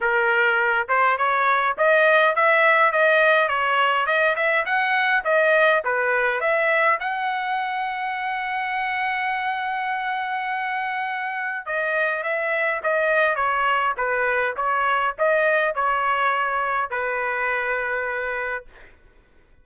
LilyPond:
\new Staff \with { instrumentName = "trumpet" } { \time 4/4 \tempo 4 = 103 ais'4. c''8 cis''4 dis''4 | e''4 dis''4 cis''4 dis''8 e''8 | fis''4 dis''4 b'4 e''4 | fis''1~ |
fis''1 | dis''4 e''4 dis''4 cis''4 | b'4 cis''4 dis''4 cis''4~ | cis''4 b'2. | }